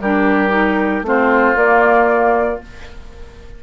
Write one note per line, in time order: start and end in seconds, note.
0.00 1.02 G3
0.00 0.49 D4
0.00 1.06 G4
0.00 1.04 A#4
0.49 1.01 D#4
1.02 1.54 A3
1.02 1.57 C4
1.02 2.63 F4
1.02 1.56 C5
1.55 2.59 A#3
1.55 2.62 A#3
1.55 2.61 D5